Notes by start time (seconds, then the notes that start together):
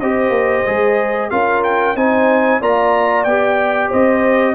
0.00 C4 G4 C5 D#5
0.30 A#3
0.66 G#3 G#4
1.30 C#4 F4 A#4 F5
1.64 G5
1.96 C4 D#4 C5 G#5
2.60 A#3 F4 D5 A#5
3.24 B3 G4 G5
3.89 C4 C5 D#5